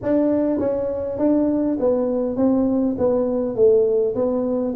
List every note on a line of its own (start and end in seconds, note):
0.02 0.59 D4
0.59 1.18 C#4
1.18 1.78 D4
1.79 2.36 B3
2.36 2.95 C4
2.97 3.55 B3
3.55 4.14 A3
4.14 4.74 B3